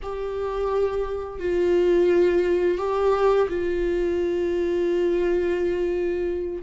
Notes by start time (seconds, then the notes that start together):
0.02 G4
1.40 F4
2.78 G4
3.49 F4